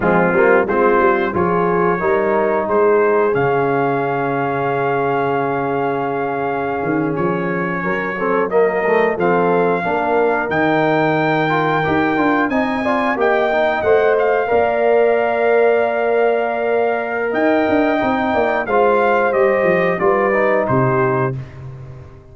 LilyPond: <<
  \new Staff \with { instrumentName = "trumpet" } { \time 4/4 \tempo 4 = 90 f'4 c''4 cis''2 | c''4 f''2.~ | f''2~ f''8. cis''4~ cis''16~ | cis''8. dis''4 f''2 g''16~ |
g''2~ g''8. gis''4 g''16~ | g''8. fis''8 f''2~ f''8.~ | f''2 g''2 | f''4 dis''4 d''4 c''4 | }
  \new Staff \with { instrumentName = "horn" } { \time 4/4 c'4 f'4 gis'4 ais'4 | gis'1~ | gis'2.~ gis'8. ais'16~ | ais'16 a'8 ais'4 a'4 ais'4~ ais'16~ |
ais'2~ ais'8. dis''8 d''8 dis''16~ | dis''4.~ dis''16 d''2~ d''16~ | d''2 dis''4. d''8 | c''2 b'4 g'4 | }
  \new Staff \with { instrumentName = "trombone" } { \time 4/4 gis8 ais8 c'4 f'4 dis'4~ | dis'4 cis'2.~ | cis'1~ | cis'16 c'8 ais8 a8 c'4 d'4 dis'16~ |
dis'4~ dis'16 f'8 g'8 f'8 dis'8 f'8 g'16~ | g'16 dis'8 c''4 ais'2~ ais'16~ | ais'2. dis'4 | f'4 g'4 f'8 dis'4. | }
  \new Staff \with { instrumentName = "tuba" } { \time 4/4 f8 g8 gis8 g8 f4 g4 | gis4 cis2.~ | cis2~ cis16 dis8 f4 fis16~ | fis4.~ fis16 f4 ais4 dis16~ |
dis4.~ dis16 dis'8 d'8 c'4 ais16~ | ais8. a4 ais2~ ais16~ | ais2 dis'8 d'8 c'8 ais8 | gis4 g8 f8 g4 c4 | }
>>